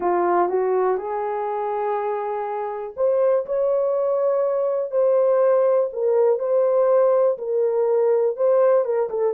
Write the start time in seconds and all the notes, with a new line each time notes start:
0.00 F4
0.48 F#4
0.97 G#4
2.96 C5
3.46 C#5
4.91 C5
5.92 A#4
6.39 C5
7.38 A#4
8.36 C5
8.84 A#4
9.09 A4